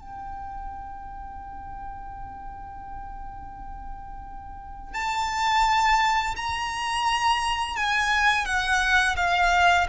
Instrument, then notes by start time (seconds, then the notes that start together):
violin
0.00 G5
4.94 A5
6.37 A#5
7.76 G#5
8.46 F#5
9.17 F5